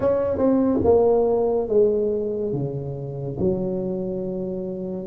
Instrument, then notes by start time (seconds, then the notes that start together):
tuba
0.00 C#4
0.37 C4
0.84 A#3
1.68 G#3
2.52 C#3
3.39 F#3